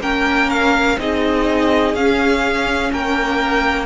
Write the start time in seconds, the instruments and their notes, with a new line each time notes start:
0.00 cello A#3, viola C#4, violin A#4 G5
0.50 violin F5
0.98 cello C4, viola D#4, violin G#4 D#5
1.94 cello C#4, viola C#4, violin F5
2.93 cello A#3, violin A#4 G5